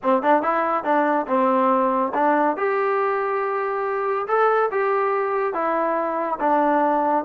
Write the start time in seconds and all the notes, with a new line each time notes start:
0.02 C4
0.22 D4
0.42 E4
0.84 D4
1.27 C4
2.14 D4
2.56 G4
4.27 A4
4.71 G4
5.53 E4
6.39 D4